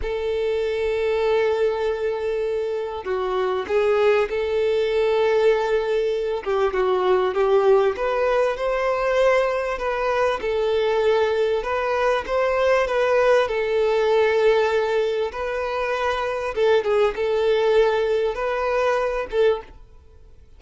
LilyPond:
\new Staff \with { instrumentName = "violin" } { \time 4/4 \tempo 4 = 98 a'1~ | a'4 fis'4 gis'4 a'4~ | a'2~ a'8 g'8 fis'4 | g'4 b'4 c''2 |
b'4 a'2 b'4 | c''4 b'4 a'2~ | a'4 b'2 a'8 gis'8 | a'2 b'4. a'8 | }